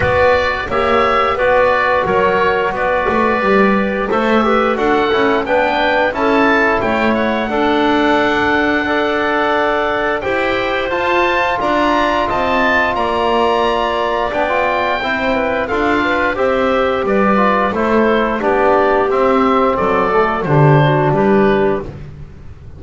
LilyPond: <<
  \new Staff \with { instrumentName = "oboe" } { \time 4/4 \tempo 4 = 88 d''4 e''4 d''4 cis''4 | d''2 e''4 fis''4 | g''4 a''4 g''8 fis''4.~ | fis''2. g''4 |
a''4 ais''4 a''4 ais''4~ | ais''4 g''2 f''4 | e''4 d''4 c''4 d''4 | e''4 d''4 c''4 b'4 | }
  \new Staff \with { instrumentName = "clarinet" } { \time 4/4 b'4 cis''4 b'4 ais'4 | b'2 c''8 b'8 a'4 | b'4 a'4 cis''4 a'4~ | a'4 d''2 c''4~ |
c''4 d''4 dis''4 d''4~ | d''2 c''8 b'8 a'8 b'8 | c''4 b'4 a'4 g'4~ | g'4 a'4 g'8 fis'8 g'4 | }
  \new Staff \with { instrumentName = "trombone" } { \time 4/4 fis'4 g'4 fis'2~ | fis'4 g'4 a'8 g'8 fis'8 e'8 | d'4 e'2 d'4~ | d'4 a'2 g'4 |
f'1~ | f'4 d'16 f'8. e'4 f'4 | g'4. f'8 e'4 d'4 | c'4. a8 d'2 | }
  \new Staff \with { instrumentName = "double bass" } { \time 4/4 b4 ais4 b4 fis4 | b8 a8 g4 a4 d'8 cis'8 | b4 cis'4 a4 d'4~ | d'2. e'4 |
f'4 d'4 c'4 ais4~ | ais4 b4 c'4 d'4 | c'4 g4 a4 b4 | c'4 fis4 d4 g4 | }
>>